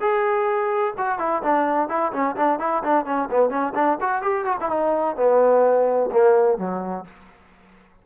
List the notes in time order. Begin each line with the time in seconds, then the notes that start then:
0.00 G#4
0.97 F#4
1.19 E4
1.43 D4
1.89 E4
2.12 C#4
2.36 D4
2.59 E4
2.83 D4
3.05 C#4
3.31 B3
3.49 C#4
3.75 D4
4.01 F#4
4.22 G4
4.45 F#4
4.60 E4
4.69 D#4
5.16 B3
6.11 A#3
6.58 F#3